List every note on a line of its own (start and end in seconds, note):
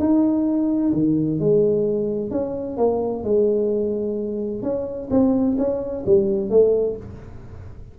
0.00 0.93 D#4
0.94 1.40 D#3
1.40 2.31 G#3
2.31 2.77 C#4
2.77 3.24 A#3
3.24 4.63 G#3
4.63 5.09 C#4
5.11 5.57 C4
5.58 6.05 C#4
6.06 6.50 G3
6.50 6.97 A3